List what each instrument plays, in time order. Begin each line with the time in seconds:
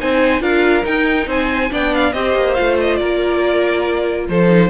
0.00 cello C4, viola D#4, violin C5 G#5
0.41 cello D4, viola F4, violin A#4 F5
0.84 viola D#4, cello D#4, violin G5
1.27 cello C4, violin C5 G#5
1.71 cello B3, viola D4, violin D5 G5
1.94 violin F5
2.13 cello C4, viola G4, violin C5 D#5
2.35 cello A#3
2.54 cello A3, viola F4, violin F5
2.80 violin D#5
2.96 cello A#3, violin A#4 D5
4.29 cello F3, violin A4 C5
4.48 viola D#4